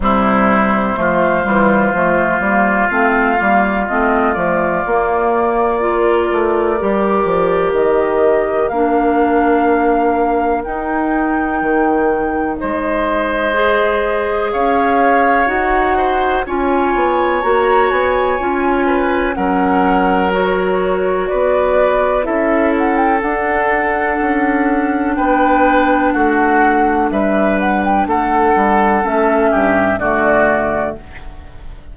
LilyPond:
<<
  \new Staff \with { instrumentName = "flute" } { \time 4/4 \tempo 4 = 62 c''2. f''4 | dis''8 d''2.~ d''8 | dis''4 f''2 g''4~ | g''4 dis''2 f''4 |
fis''4 gis''4 ais''8 gis''4. | fis''4 cis''4 d''4 e''8 fis''16 g''16 | fis''2 g''4 fis''4 | e''8 fis''16 g''16 fis''4 e''4 d''4 | }
  \new Staff \with { instrumentName = "oboe" } { \time 4/4 e'4 f'2.~ | f'2 ais'2~ | ais'1~ | ais'4 c''2 cis''4~ |
cis''8 c''8 cis''2~ cis''8 b'8 | ais'2 b'4 a'4~ | a'2 b'4 fis'4 | b'4 a'4. g'8 fis'4 | }
  \new Staff \with { instrumentName = "clarinet" } { \time 4/4 g4 a8 g8 a8 ais8 c'8 ais8 | c'8 a8 ais4 f'4 g'4~ | g'4 d'2 dis'4~ | dis'2 gis'2 |
fis'4 f'4 fis'4 f'4 | cis'4 fis'2 e'4 | d'1~ | d'2 cis'4 a4 | }
  \new Staff \with { instrumentName = "bassoon" } { \time 4/4 c4 f8 e8 f8 g8 a8 g8 | a8 f8 ais4. a8 g8 f8 | dis4 ais2 dis'4 | dis4 gis2 cis'4 |
dis'4 cis'8 b8 ais8 b8 cis'4 | fis2 b4 cis'4 | d'4 cis'4 b4 a4 | g4 a8 g8 a8 g,8 d4 | }
>>